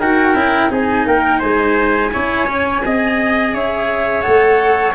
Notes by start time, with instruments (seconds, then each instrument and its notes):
0.00 tuba D#4, cello F#4, trumpet A#4, flute G5
0.35 tuba C#4, cello E4
0.70 tuba C4, cello D#4, trumpet G#4, flute G#5
1.06 tuba A#3, trumpet A#4, flute G5
1.40 tuba G#3, trumpet C5, flute G#5
2.12 tuba C#4, cello E4, trumpet C#5
2.47 cello C#4
2.85 tuba C4, cello G#4, trumpet D#5
3.54 tuba C#4, trumpet C#5, flute E5
4.22 tuba A3, cello A4, flute F#5